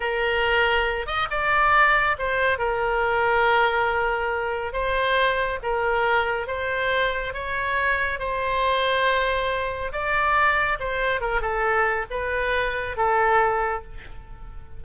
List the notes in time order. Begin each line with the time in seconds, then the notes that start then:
0.00 A#4
1.06 D#5
1.30 D5
2.18 C5
2.58 A#4
4.72 C5
5.62 A#4
6.47 C5
7.33 C#5
8.19 C5
9.92 D5
10.79 C5
11.20 A#4
11.41 A4
12.10 B4
12.96 A4